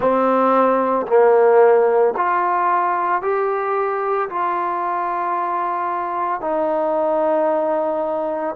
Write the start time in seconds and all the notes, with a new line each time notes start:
0.00 C4
1.07 A#3
2.17 F4
3.21 G4
4.29 F4
6.40 D#4